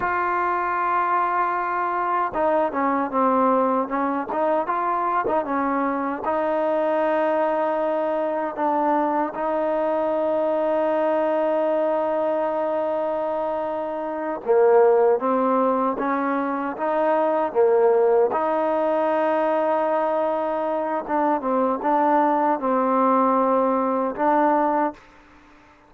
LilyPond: \new Staff \with { instrumentName = "trombone" } { \time 4/4 \tempo 4 = 77 f'2. dis'8 cis'8 | c'4 cis'8 dis'8 f'8. dis'16 cis'4 | dis'2. d'4 | dis'1~ |
dis'2~ dis'8 ais4 c'8~ | c'8 cis'4 dis'4 ais4 dis'8~ | dis'2. d'8 c'8 | d'4 c'2 d'4 | }